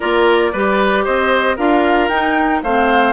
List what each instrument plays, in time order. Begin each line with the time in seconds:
0.00 bassoon A#3, clarinet F4, oboe A#4, flute D5
0.52 bassoon G3, clarinet G4, oboe B4
1.04 bassoon C4, oboe C5, flute D#5
1.56 bassoon D4, clarinet F4, oboe A#4, flute F5
2.08 bassoon D#4, clarinet D#4, flute G5
2.62 bassoon A3, clarinet C4, oboe C5, flute F5